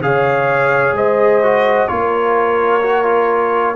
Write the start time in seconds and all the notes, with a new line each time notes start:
0.00 C#3 G#4 C#5 F5
0.92 G#3 C5 D#5
1.43 F#4
1.88 A#3 F4 A#4 C#5
2.82 F#4
3.05 F4